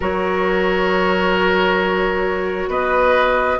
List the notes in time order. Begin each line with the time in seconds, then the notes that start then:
0.00 F#3 F#4 A#4 C#5
2.68 B3 B4 D#5